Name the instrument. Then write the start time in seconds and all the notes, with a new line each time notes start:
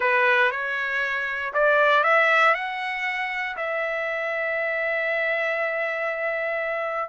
trumpet
0.00 B4
0.51 C#5
1.53 D5
2.03 E5
2.54 F#5
3.56 E5